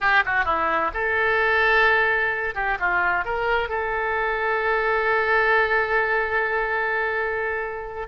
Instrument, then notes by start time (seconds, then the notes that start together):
oboe
0.00 G4
0.25 F#4
0.44 E4
0.93 A4
2.54 G4
2.79 F4
3.24 A#4
3.68 A4